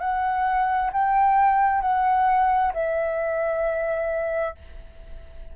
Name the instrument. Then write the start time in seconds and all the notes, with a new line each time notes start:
flute
0.00 F#5
0.93 G5
1.82 F#5
2.73 E5